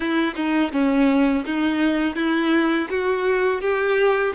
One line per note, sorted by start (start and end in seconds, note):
0.00 0.34 E4
0.35 0.71 D#4
0.72 1.44 C#4
1.45 2.15 D#4
2.15 2.88 E4
2.89 3.61 F#4
3.61 4.33 G4